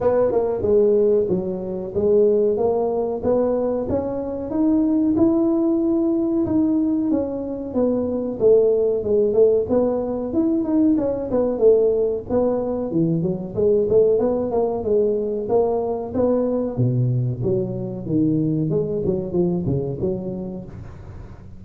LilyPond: \new Staff \with { instrumentName = "tuba" } { \time 4/4 \tempo 4 = 93 b8 ais8 gis4 fis4 gis4 | ais4 b4 cis'4 dis'4 | e'2 dis'4 cis'4 | b4 a4 gis8 a8 b4 |
e'8 dis'8 cis'8 b8 a4 b4 | e8 fis8 gis8 a8 b8 ais8 gis4 | ais4 b4 b,4 fis4 | dis4 gis8 fis8 f8 cis8 fis4 | }